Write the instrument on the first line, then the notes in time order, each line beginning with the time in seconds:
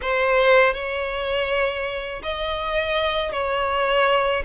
violin
0.01 C5
0.73 C#5
2.22 D#5
3.32 C#5